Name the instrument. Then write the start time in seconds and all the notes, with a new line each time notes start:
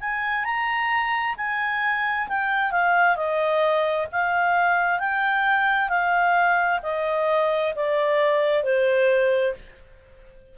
clarinet
0.00 G#5
0.45 A#5
1.37 G#5
2.28 G5
2.71 F5
3.16 D#5
4.12 F5
5.00 G5
5.89 F5
6.83 D#5
7.76 D5
8.63 C5